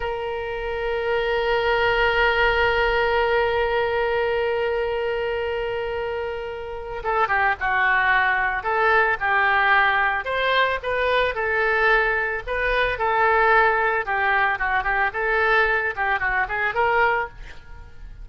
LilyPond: \new Staff \with { instrumentName = "oboe" } { \time 4/4 \tempo 4 = 111 ais'1~ | ais'1~ | ais'1~ | ais'4 a'8 g'8 fis'2 |
a'4 g'2 c''4 | b'4 a'2 b'4 | a'2 g'4 fis'8 g'8 | a'4. g'8 fis'8 gis'8 ais'4 | }